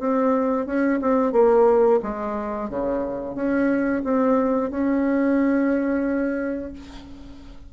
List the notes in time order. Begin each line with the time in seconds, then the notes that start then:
0.00 C4
0.67 C#4
1.02 C4
1.33 A#3
2.03 G#3
2.70 C#3
3.36 C#4
4.04 C4
4.71 C#4